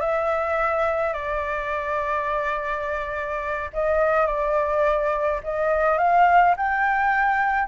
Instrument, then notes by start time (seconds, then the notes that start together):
flute
0.00 E5
1.14 D5
3.73 D#5
4.27 D5
5.44 D#5
5.98 F5
6.57 G5